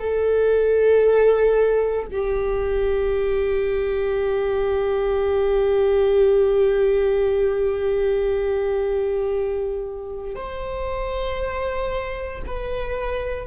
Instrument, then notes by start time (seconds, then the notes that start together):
viola
0.00 A4
2.12 G4
10.36 C5
12.47 B4